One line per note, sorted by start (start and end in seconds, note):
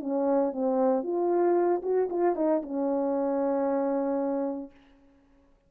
0.00 0.52 C#4
0.52 1.03 C4
1.03 1.81 F4
1.82 2.08 F#4
2.10 2.35 F4
2.35 2.62 D#4
2.62 4.71 C#4